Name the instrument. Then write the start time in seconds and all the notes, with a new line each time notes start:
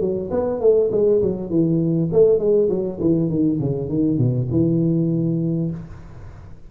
tuba
0.00 F#3
0.31 B3
0.61 A3
0.92 G#3
1.22 F#3
1.50 E3
2.12 A3
2.39 G#3
2.69 F#3
3.01 E3
3.30 D#3
3.60 C#3
3.89 D#3
4.18 B2
4.51 E3